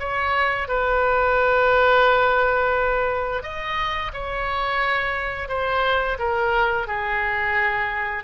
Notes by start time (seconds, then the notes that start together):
0.00 C#5
0.68 B4
3.43 D#5
4.14 C#5
5.49 C5
6.19 A#4
6.88 G#4